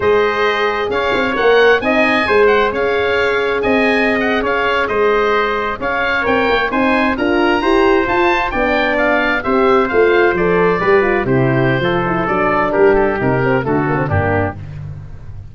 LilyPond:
<<
  \new Staff \with { instrumentName = "oboe" } { \time 4/4 \tempo 4 = 132 dis''2 f''4 fis''4 | gis''4. fis''8 f''2 | gis''4~ gis''16 fis''8 f''4 dis''4~ dis''16~ | dis''8. f''4 g''4 gis''4 ais''16~ |
ais''4.~ ais''16 a''4 g''4 f''16~ | f''8. e''4 f''4 d''4~ d''16~ | d''8. c''2~ c''16 d''4 | ais'8 a'8 ais'4 a'4 g'4 | }
  \new Staff \with { instrumentName = "trumpet" } { \time 4/4 c''2 cis''2 | dis''4 c''4 cis''2 | dis''4.~ dis''16 cis''4 c''4~ c''16~ | c''8. cis''2 c''4 ais'16~ |
ais'8. c''2 d''4~ d''16~ | d''8. c''2. b'16~ | b'8. g'4~ g'16 a'2 | g'2 fis'4 d'4 | }
  \new Staff \with { instrumentName = "horn" } { \time 4/4 gis'2. ais'4 | dis'4 gis'2.~ | gis'1~ | gis'4.~ gis'16 ais'4 dis'4 f'16~ |
f'8. g'4 f'4 d'4~ d'16~ | d'8. g'4 f'4 a'4 g'16~ | g'16 f'8 e'4~ e'16 f'8 e'8 d'4~ | d'4 dis'8 c'8 a8 ais16 c'16 ais4 | }
  \new Staff \with { instrumentName = "tuba" } { \time 4/4 gis2 cis'8 c'8 ais4 | c'4 gis4 cis'2 | c'4.~ c'16 cis'4 gis4~ gis16~ | gis8. cis'4 c'8 ais8 c'4 d'16~ |
d'8. e'4 f'4 b4~ b16~ | b8. c'4 a4 f4 g16~ | g8. c4~ c16 f4 fis4 | g4 c4 d4 g,4 | }
>>